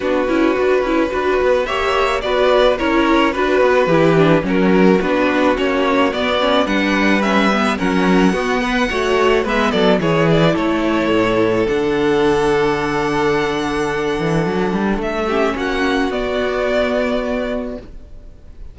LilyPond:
<<
  \new Staff \with { instrumentName = "violin" } { \time 4/4 \tempo 4 = 108 b'2. e''4 | d''4 cis''4 b'2 | ais'4 b'4 cis''4 d''4 | fis''4 e''4 fis''2~ |
fis''4 e''8 d''8 cis''8 d''8 cis''4~ | cis''4 fis''2.~ | fis''2. e''4 | fis''4 d''2. | }
  \new Staff \with { instrumentName = "violin" } { \time 4/4 fis'2 b'4 cis''4 | b'4 ais'4 b'4 g'4 | fis'1 | b'2 ais'4 fis'8 b'8 |
cis''4 b'8 a'8 gis'4 a'4~ | a'1~ | a'2.~ a'8 g'8 | fis'1 | }
  \new Staff \with { instrumentName = "viola" } { \time 4/4 d'8 e'8 fis'8 e'8 fis'4 g'4 | fis'4 e'4 fis'4 e'8 d'8 | cis'4 d'4 cis'4 b8 cis'8 | d'4 cis'8 b8 cis'4 b4 |
fis'4 b4 e'2~ | e'4 d'2.~ | d'2.~ d'8 cis'8~ | cis'4 b2. | }
  \new Staff \with { instrumentName = "cello" } { \time 4/4 b8 cis'8 d'8 cis'8 d'8 b8 ais4 | b4 cis'4 d'8 b8 e4 | fis4 b4 ais4 b4 | g2 fis4 b4 |
a4 gis8 fis8 e4 a4 | a,4 d2.~ | d4. e8 fis8 g8 a4 | ais4 b2. | }
>>